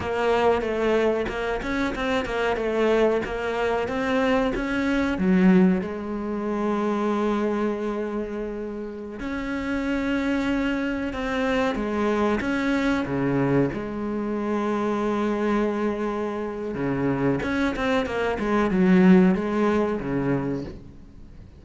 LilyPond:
\new Staff \with { instrumentName = "cello" } { \time 4/4 \tempo 4 = 93 ais4 a4 ais8 cis'8 c'8 ais8 | a4 ais4 c'4 cis'4 | fis4 gis2.~ | gis2~ gis16 cis'4.~ cis'16~ |
cis'4~ cis'16 c'4 gis4 cis'8.~ | cis'16 cis4 gis2~ gis8.~ | gis2 cis4 cis'8 c'8 | ais8 gis8 fis4 gis4 cis4 | }